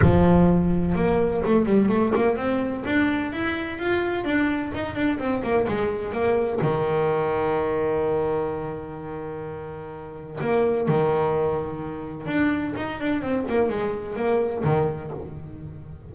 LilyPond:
\new Staff \with { instrumentName = "double bass" } { \time 4/4 \tempo 4 = 127 f2 ais4 a8 g8 | a8 ais8 c'4 d'4 e'4 | f'4 d'4 dis'8 d'8 c'8 ais8 | gis4 ais4 dis2~ |
dis1~ | dis2 ais4 dis4~ | dis2 d'4 dis'8 d'8 | c'8 ais8 gis4 ais4 dis4 | }